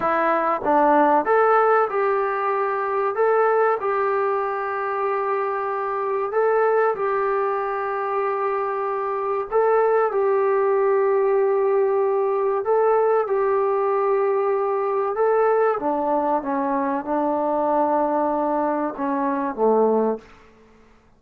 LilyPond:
\new Staff \with { instrumentName = "trombone" } { \time 4/4 \tempo 4 = 95 e'4 d'4 a'4 g'4~ | g'4 a'4 g'2~ | g'2 a'4 g'4~ | g'2. a'4 |
g'1 | a'4 g'2. | a'4 d'4 cis'4 d'4~ | d'2 cis'4 a4 | }